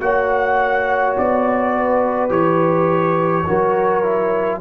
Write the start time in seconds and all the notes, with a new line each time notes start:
0.00 A#3 F#4 C#5 F#5
1.18 B3 D5
1.77 B4
2.30 E3 G4 C#5
3.47 F#3 F#4 A#4
4.04 E4